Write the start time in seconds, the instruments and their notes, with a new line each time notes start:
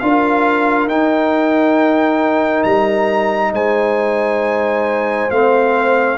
0.00 tuba D4, trombone F4, horn A#4, trumpet F5
0.87 tuba D#4, trombone D#4, trumpet G5
2.64 tuba G3, trumpet A#5
3.53 tuba G#3, horn C5, trumpet G#5
5.31 tuba A3, trombone C4, trumpet F5